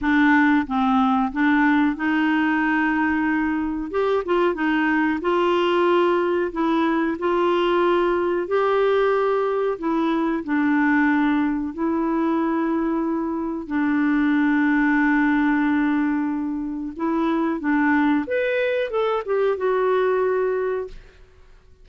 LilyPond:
\new Staff \with { instrumentName = "clarinet" } { \time 4/4 \tempo 4 = 92 d'4 c'4 d'4 dis'4~ | dis'2 g'8 f'8 dis'4 | f'2 e'4 f'4~ | f'4 g'2 e'4 |
d'2 e'2~ | e'4 d'2.~ | d'2 e'4 d'4 | b'4 a'8 g'8 fis'2 | }